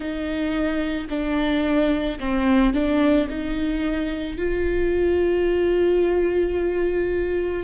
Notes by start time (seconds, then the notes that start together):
0.00 D#4
1.09 D4
2.19 C4
2.73 D4
3.29 D#4
4.37 F4